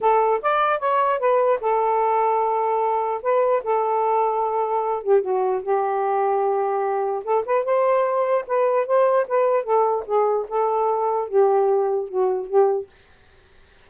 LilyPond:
\new Staff \with { instrumentName = "saxophone" } { \time 4/4 \tempo 4 = 149 a'4 d''4 cis''4 b'4 | a'1 | b'4 a'2.~ | a'8 g'8 fis'4 g'2~ |
g'2 a'8 b'8 c''4~ | c''4 b'4 c''4 b'4 | a'4 gis'4 a'2 | g'2 fis'4 g'4 | }